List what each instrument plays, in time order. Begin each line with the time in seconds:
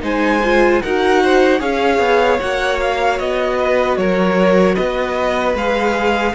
0.00 cello G#3, viola D#4, violin C5 G#5
0.44 viola F4
0.82 cello D#4, viola F#4, violin A#4 F#5
1.23 violin C5
1.59 cello C#4, viola G#4, violin C#5 F5
1.99 cello B3
2.39 cello A#3, viola F#4, violin F#5
2.80 violin F5
3.19 cello B3, violin D#5
3.58 violin B4
3.97 cello F#3, violin A#4 C#5
4.75 cello B3, violin B4 D#5
5.55 cello G#3, viola G#4, violin F5